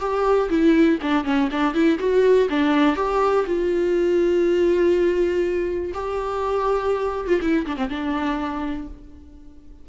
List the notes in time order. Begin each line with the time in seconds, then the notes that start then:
0.00 G4
0.50 E4
1.02 D4
1.24 C#4
1.51 D4
1.74 E4
1.99 F#4
2.50 D4
2.96 G4
3.46 F4
5.94 G4
7.28 F4
7.42 E4
7.67 D4
7.77 C4
7.89 D4